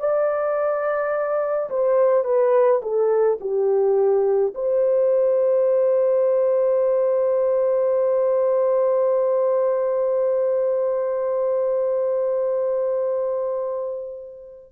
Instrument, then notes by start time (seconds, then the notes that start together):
horn
0.00 D5
1.70 C5
2.24 B4
2.83 A4
3.41 G4
4.55 C5